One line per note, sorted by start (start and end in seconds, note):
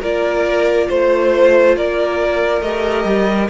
0.00 0.89 A#3
0.00 2.63 F4
0.00 0.87 A#4
0.00 0.90 D5
0.88 1.76 A3
0.88 1.75 C5
0.88 1.77 C5
1.76 2.61 A#3
1.76 3.49 A#4
1.76 2.61 D5
2.61 3.04 A3
2.61 3.49 G4
2.61 3.48 D#5
3.04 3.48 G3